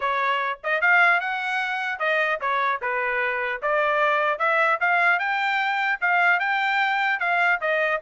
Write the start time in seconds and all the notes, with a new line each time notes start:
0.00 C#5
0.63 D#5
0.81 F5
1.20 F#5
1.99 D#5
2.40 C#5
2.81 B4
3.62 D5
4.38 E5
4.80 F5
5.19 G5
6.00 F5
6.39 G5
7.19 F5
7.60 D#5